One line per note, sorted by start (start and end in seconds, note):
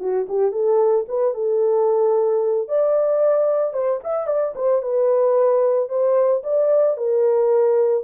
0.00 0.27 F#4
0.29 0.52 G4
0.52 1.05 A4
1.09 1.34 B4
1.34 2.68 A4
2.68 3.74 D5
3.74 4.01 C5
4.04 4.27 E5
4.27 4.54 D5
4.56 4.82 C5
4.83 5.89 B4
5.89 6.43 C5
6.44 6.97 D5
6.97 8.04 A#4